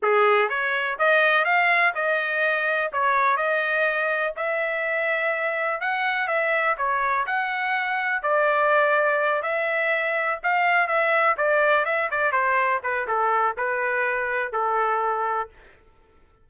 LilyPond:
\new Staff \with { instrumentName = "trumpet" } { \time 4/4 \tempo 4 = 124 gis'4 cis''4 dis''4 f''4 | dis''2 cis''4 dis''4~ | dis''4 e''2. | fis''4 e''4 cis''4 fis''4~ |
fis''4 d''2~ d''8 e''8~ | e''4. f''4 e''4 d''8~ | d''8 e''8 d''8 c''4 b'8 a'4 | b'2 a'2 | }